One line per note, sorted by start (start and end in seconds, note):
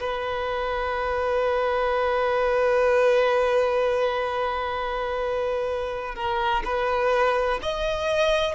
0.00 6.16 B4
6.16 6.63 A#4
6.65 7.61 B4
7.63 8.55 D#5